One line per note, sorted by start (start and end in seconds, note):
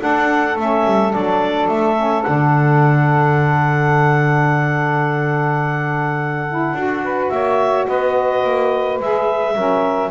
0.00 0.56 D4
0.00 7.02 A4
0.00 0.58 F#5
0.56 0.84 A3
0.56 1.11 C#4
0.56 1.13 E5
0.85 1.13 G3
1.11 1.68 F#3
1.11 1.95 D4
1.11 1.68 D5
1.68 2.24 A3
1.68 2.22 E5
1.95 2.23 C#4
2.22 6.73 D3
2.22 6.46 D4
2.22 7.27 F#5
6.49 6.77 E4
6.73 7.29 D4
6.73 9.01 F#4
7.03 7.31 B4
7.29 7.87 A#3
7.29 7.87 C#5
7.29 7.85 E5
7.87 8.43 B3
7.87 9.55 B4
7.87 8.99 D#5
8.43 8.99 A#3
8.99 9.55 G#3
8.99 9.55 G#4
8.99 10.10 E5
9.55 10.10 F#3
9.55 10.10 C#4
9.55 10.10 A#4